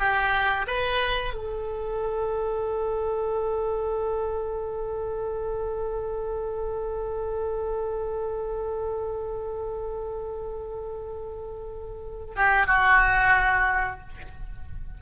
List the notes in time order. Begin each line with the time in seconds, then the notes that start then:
0.00 G4
0.68 B4
1.34 A4
12.37 G4
12.67 F#4